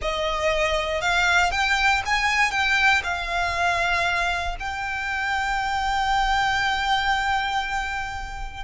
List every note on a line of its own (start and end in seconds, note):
0.01 1.01 D#5
1.01 1.51 F5
1.51 2.02 G5
2.05 2.51 G#5
2.51 3.01 G5
3.03 4.56 F5
4.59 8.64 G5